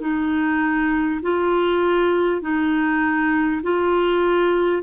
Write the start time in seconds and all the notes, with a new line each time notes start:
0.00 D#4
1.22 F4
2.41 D#4
3.62 F4